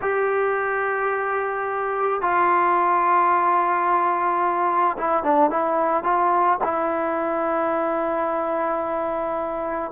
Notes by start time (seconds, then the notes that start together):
0.01 G4
2.21 F4
4.97 E4
5.23 D4
5.50 E4
6.03 F4
6.63 E4